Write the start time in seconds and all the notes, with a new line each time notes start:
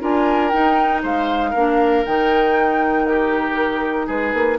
0.00 D4 F4 A#4 G#5
0.49 D#4 G5
1.02 G#3 C5 F5
1.50 A#3 D4 A#4
2.05 D#3 D#4 G5
3.06 G4 A#4
4.06 G#3 G#4 B4
4.33 A#3